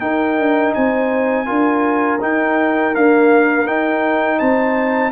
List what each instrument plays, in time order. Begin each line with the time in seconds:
0.00 trombone D#4, tuba D#4, horn A#4, trumpet G5
0.38 tuba D4
0.74 tuba C4, horn C5, trumpet G#5
1.46 tuba D4, trombone F4, horn A#4
2.21 trombone D#4, tuba D#4, trumpet G5
2.95 trombone A#3, tuba D4, trumpet F5
3.66 tuba D#4, trombone D#4, trumpet G5
4.39 tuba C4, horn C5, trumpet A5